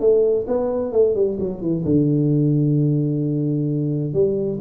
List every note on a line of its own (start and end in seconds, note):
0.00 0.46 A3
0.47 0.92 B3
0.92 1.15 A3
1.15 1.38 G3
1.39 1.61 F#3
1.61 1.84 E3
1.85 4.13 D3
4.13 4.59 G3